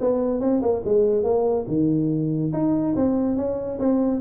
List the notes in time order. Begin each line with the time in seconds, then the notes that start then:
0.00 B3
0.40 C4
0.61 A#3
0.85 G#3
1.23 A#3
1.67 D#3
2.52 D#4
2.96 C4
3.36 C#4
3.79 C4